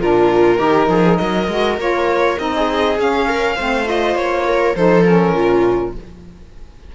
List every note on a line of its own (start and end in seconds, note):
0.00 0.59 A#2
0.00 0.57 D4
0.00 0.59 F4
0.00 1.18 A#4
0.57 0.89 D#3
0.57 1.46 D#4
0.57 0.89 G4
0.89 1.19 F3
0.89 1.20 G#4
1.18 1.48 F#3
1.18 2.53 A#4
1.18 1.78 D#5
1.48 1.78 G#3
1.48 1.79 F#4
1.78 2.37 A#3
1.78 2.38 F4
1.78 2.39 C#5
2.38 2.99 C4
2.38 2.97 D#4
2.38 2.99 D#5
2.56 3.28 G#4
2.99 3.58 C#4
2.99 3.88 F5
3.28 3.56 A#4
3.56 4.16 A3
3.56 3.85 C4
3.56 4.45 C5
3.85 4.75 F4
3.85 4.17 D#5
4.16 4.75 A#3
4.16 4.76 C#5
4.48 4.77 A#4
4.76 5.35 F3
4.76 5.06 D#4
4.76 5.35 A4
4.76 5.04 C5
5.04 5.95 C#4
5.04 5.93 A#4
5.35 5.95 A#2
5.35 5.94 F4